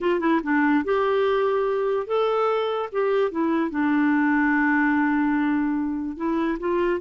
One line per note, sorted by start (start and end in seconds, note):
0.00 0.20 F4
0.20 0.40 E4
0.43 0.84 D4
0.84 2.07 G4
2.07 2.89 A4
2.92 3.31 G4
3.31 3.70 E4
3.70 6.16 D4
6.16 6.58 E4
6.59 7.00 F4